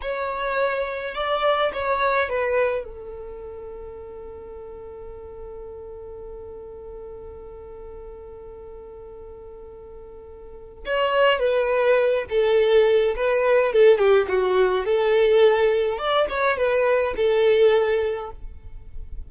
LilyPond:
\new Staff \with { instrumentName = "violin" } { \time 4/4 \tempo 4 = 105 cis''2 d''4 cis''4 | b'4 a'2.~ | a'1~ | a'1~ |
a'2. cis''4 | b'4. a'4. b'4 | a'8 g'8 fis'4 a'2 | d''8 cis''8 b'4 a'2 | }